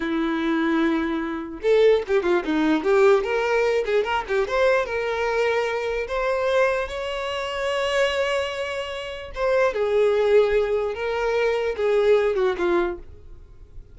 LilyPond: \new Staff \with { instrumentName = "violin" } { \time 4/4 \tempo 4 = 148 e'1 | a'4 g'8 f'8 dis'4 g'4 | ais'4. gis'8 ais'8 g'8 c''4 | ais'2. c''4~ |
c''4 cis''2.~ | cis''2. c''4 | gis'2. ais'4~ | ais'4 gis'4. fis'8 f'4 | }